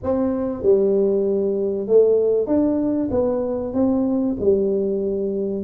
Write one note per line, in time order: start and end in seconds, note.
0.03 0.62 C4
0.62 1.87 G3
1.87 2.47 A3
2.47 3.09 D4
3.11 3.73 B3
3.73 4.36 C4
4.39 5.63 G3